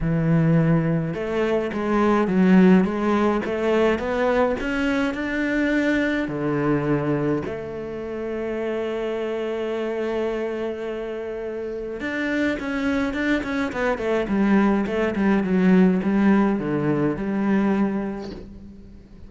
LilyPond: \new Staff \with { instrumentName = "cello" } { \time 4/4 \tempo 4 = 105 e2 a4 gis4 | fis4 gis4 a4 b4 | cis'4 d'2 d4~ | d4 a2.~ |
a1~ | a4 d'4 cis'4 d'8 cis'8 | b8 a8 g4 a8 g8 fis4 | g4 d4 g2 | }